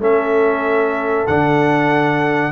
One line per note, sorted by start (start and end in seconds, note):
0.00 1.26 A3
0.00 1.27 C#4
0.00 2.52 A4
0.00 1.27 E5
1.27 2.52 D3
1.27 2.52 D4
1.27 2.52 F#5